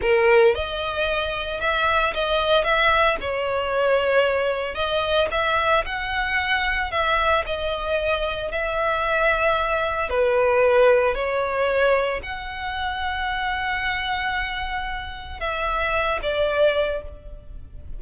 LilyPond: \new Staff \with { instrumentName = "violin" } { \time 4/4 \tempo 4 = 113 ais'4 dis''2 e''4 | dis''4 e''4 cis''2~ | cis''4 dis''4 e''4 fis''4~ | fis''4 e''4 dis''2 |
e''2. b'4~ | b'4 cis''2 fis''4~ | fis''1~ | fis''4 e''4. d''4. | }